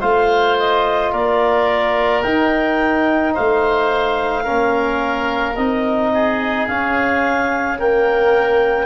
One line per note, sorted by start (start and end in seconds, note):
0.00 1.12 A3
0.00 2.23 F4
0.00 1.11 C5
0.00 0.56 F5
0.58 1.13 D#5
1.12 2.23 A#3
1.12 3.34 A#4
1.12 2.22 D5
2.22 3.35 D#4
2.22 4.44 D#4
2.22 3.33 G5
3.34 4.48 A3
3.34 4.43 C5
3.34 5.56 F5
4.43 5.56 A#3
4.43 5.55 C#4
4.43 6.10 A#4
5.56 6.67 C4
5.56 6.68 D#4
5.56 6.67 D#5
6.13 7.78 G#4
6.67 7.78 C#4
6.67 8.86 C#4
6.67 7.78 F5
7.78 8.86 A#3
7.78 8.86 A#4
7.78 8.86 G5